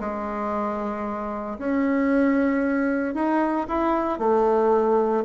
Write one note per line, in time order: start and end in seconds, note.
0.00 1.58 G#3
1.58 3.14 C#4
3.14 3.67 D#4
3.68 4.18 E4
4.18 5.24 A3